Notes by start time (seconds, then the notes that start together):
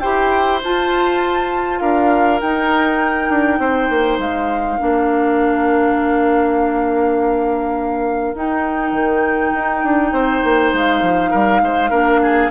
0.00 E4 G4 C5 G5
0.64 F4 A5
1.80 D4 A#4 F5
2.41 D#4 G5
3.30 D4
3.59 C4 C5
3.89 A#3
4.18 G#3 F5
4.79 A#3 D4 A#4
8.34 D#4 G5
8.92 D#3
9.54 D#4
9.84 D4
10.12 C4 C5
10.44 A#3
10.73 G#3 F5
11.02 F3
11.31 G3 A#4
11.62 G#3 C5
11.90 A#3 D4 A#4
12.22 G#4